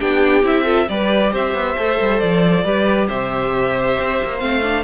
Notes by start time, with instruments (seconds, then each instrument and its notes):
0.00 cello B3, viola D4, violin G4 G5
0.43 cello C4, viola E4, violin E5
0.64 viola F4, violin A4
0.89 cello G3, viola G4, violin B4 D5
1.32 cello C4, violin C5 E5
1.54 cello B3
1.77 cello A3, viola A4
2.00 cello G3
2.20 cello F3, violin D5
2.64 cello G3, viola G4, violin B4
3.08 cello C3, violin C5 E5
4.00 cello C4
4.24 cello A#3
4.39 cello A3, viola C4, violin F5
4.63 viola D4